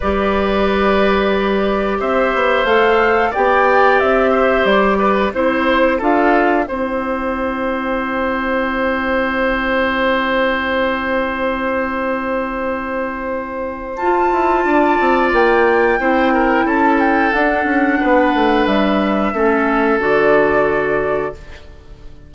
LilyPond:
<<
  \new Staff \with { instrumentName = "flute" } { \time 4/4 \tempo 4 = 90 d''2. e''4 | f''4 g''4 e''4 d''4 | c''4 f''4 g''2~ | g''1~ |
g''1~ | g''4 a''2 g''4~ | g''4 a''8 g''8 fis''2 | e''2 d''2 | }
  \new Staff \with { instrumentName = "oboe" } { \time 4/4 b'2. c''4~ | c''4 d''4. c''4 b'8 | c''4 a'4 c''2~ | c''1~ |
c''1~ | c''2 d''2 | c''8 ais'8 a'2 b'4~ | b'4 a'2. | }
  \new Staff \with { instrumentName = "clarinet" } { \time 4/4 g'1 | a'4 g'2. | e'4 f'4 e'2~ | e'1~ |
e'1~ | e'4 f'2. | e'2 d'2~ | d'4 cis'4 fis'2 | }
  \new Staff \with { instrumentName = "bassoon" } { \time 4/4 g2. c'8 b8 | a4 b4 c'4 g4 | c'4 d'4 c'2~ | c'1~ |
c'1~ | c'4 f'8 e'8 d'8 c'8 ais4 | c'4 cis'4 d'8 cis'8 b8 a8 | g4 a4 d2 | }
>>